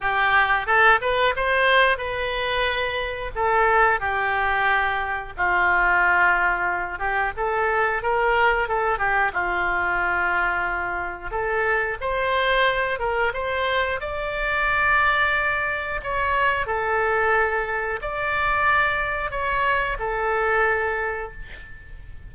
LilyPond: \new Staff \with { instrumentName = "oboe" } { \time 4/4 \tempo 4 = 90 g'4 a'8 b'8 c''4 b'4~ | b'4 a'4 g'2 | f'2~ f'8 g'8 a'4 | ais'4 a'8 g'8 f'2~ |
f'4 a'4 c''4. ais'8 | c''4 d''2. | cis''4 a'2 d''4~ | d''4 cis''4 a'2 | }